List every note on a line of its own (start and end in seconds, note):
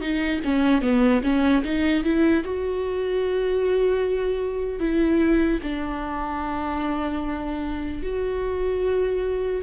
0.00 0.40 D#4
0.44 0.81 C#4
0.81 1.21 B3
1.23 1.63 C#4
1.64 2.04 D#4
2.04 2.44 E4
2.44 4.79 F#4
4.79 5.59 E4
5.63 8.03 D4
8.03 9.62 F#4